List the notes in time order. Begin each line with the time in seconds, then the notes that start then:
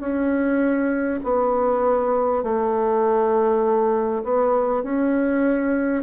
0.00 C#4
1.23 B3
2.43 A3
4.23 B3
4.83 C#4